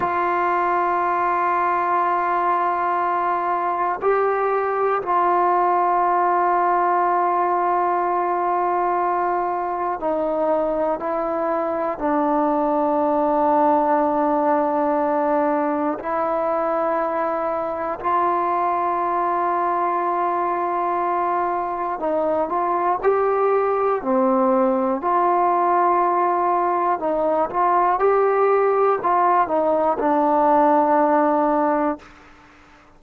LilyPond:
\new Staff \with { instrumentName = "trombone" } { \time 4/4 \tempo 4 = 60 f'1 | g'4 f'2.~ | f'2 dis'4 e'4 | d'1 |
e'2 f'2~ | f'2 dis'8 f'8 g'4 | c'4 f'2 dis'8 f'8 | g'4 f'8 dis'8 d'2 | }